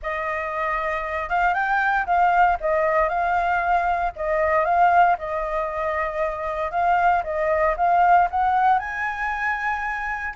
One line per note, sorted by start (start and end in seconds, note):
0.02 1.29 D#5
1.29 1.54 F5
1.54 2.05 G5
2.05 2.57 F5
2.60 3.08 D#5
3.08 4.12 F5
4.16 4.64 D#5
4.64 5.16 F5
5.18 6.71 D#5
6.71 7.22 F5
7.23 7.75 D#5
7.76 8.28 F5
8.30 8.79 F#5
8.79 10.34 G#5